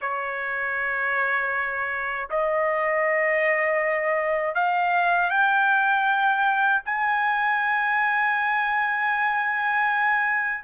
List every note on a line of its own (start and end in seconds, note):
0.01 2.29 C#5
2.30 4.54 D#5
4.54 5.30 F5
5.30 6.81 G5
6.85 10.63 G#5